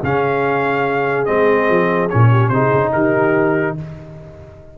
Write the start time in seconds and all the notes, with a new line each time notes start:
0.00 C#3 C#4 G#4 F5
1.25 G#3 C4 D#5
1.69 F3
2.10 A#2 C#4 C#5
2.30 G4
2.49 C3 D#4 G#4 C5
2.73 C#3
2.93 D#3 G4 A#4